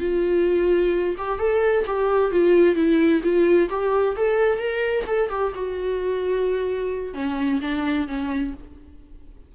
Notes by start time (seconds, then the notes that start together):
0.00 F4
1.18 G4
1.39 A4
1.87 G4
2.31 F4
2.75 E4
3.23 F4
3.70 G4
4.17 A4
4.58 A#4
5.07 A4
5.30 G4
5.55 F#4
7.14 C#4
7.61 D4
8.07 C#4